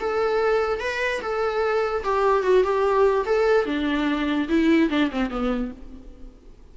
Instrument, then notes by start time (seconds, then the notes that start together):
viola
0.00 A4
0.80 B4
1.22 A4
2.04 G4
2.43 F#4
2.64 G4
3.26 A4
3.66 D4
4.49 E4
4.90 D4
5.11 C4
5.31 B3